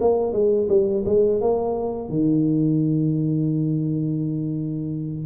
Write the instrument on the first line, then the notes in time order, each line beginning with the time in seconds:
tuba
0.00 A#3
0.32 G#3
0.68 G3
1.05 G#3
1.41 A#3
2.09 D#3